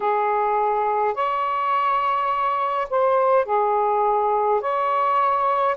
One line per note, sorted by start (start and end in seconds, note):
0.00 1.14 G#4
1.14 2.87 C#5
2.90 3.45 C5
3.45 4.60 G#4
4.60 5.76 C#5